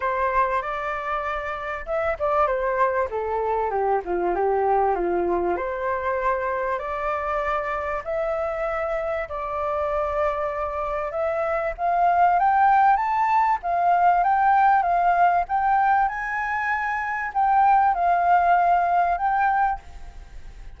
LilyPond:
\new Staff \with { instrumentName = "flute" } { \time 4/4 \tempo 4 = 97 c''4 d''2 e''8 d''8 | c''4 a'4 g'8 f'8 g'4 | f'4 c''2 d''4~ | d''4 e''2 d''4~ |
d''2 e''4 f''4 | g''4 a''4 f''4 g''4 | f''4 g''4 gis''2 | g''4 f''2 g''4 | }